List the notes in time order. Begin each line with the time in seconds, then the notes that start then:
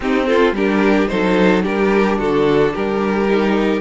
0.00 C4 D#4 G4
0.26 F4 A4
0.52 G3 D4 G4 A#4
1.08 F#3 D#4 A4 C5
1.62 G3 D4 G4 A#4
2.18 D3 F#4 A4
2.74 G3 G4 A#4
3.29 D#4